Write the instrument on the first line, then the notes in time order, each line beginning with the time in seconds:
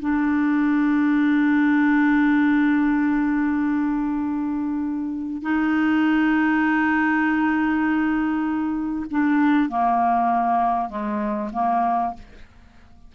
clarinet
0.00 D4
5.42 D#4
9.11 D4
9.69 A#3
10.89 G#3
11.53 A#3